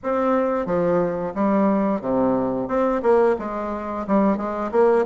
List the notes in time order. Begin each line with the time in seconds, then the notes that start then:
0.03 C4
0.66 F3
1.35 G3
2.01 C3
2.68 C4
3.02 A#3
3.39 G#3
4.07 G3
4.37 G#3
4.71 A#3